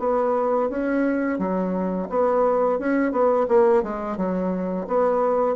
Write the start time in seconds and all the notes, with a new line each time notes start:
0.00 B3
0.70 C#4
1.39 F#3
2.10 B3
2.79 C#4
3.12 B3
3.49 A#3
3.83 G#3
4.17 F#3
4.88 B3